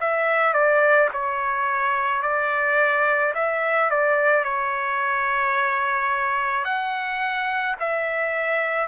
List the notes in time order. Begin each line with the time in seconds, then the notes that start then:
0.00 E5
0.54 D5
1.13 C#5
2.22 D5
3.35 E5
3.90 D5
4.44 C#5
6.64 F#5
7.80 E5